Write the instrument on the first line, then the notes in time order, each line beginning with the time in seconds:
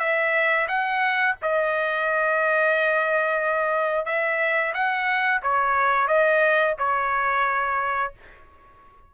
trumpet
0.00 E5
0.69 F#5
1.42 D#5
4.06 E5
4.74 F#5
5.43 C#5
6.08 D#5
6.79 C#5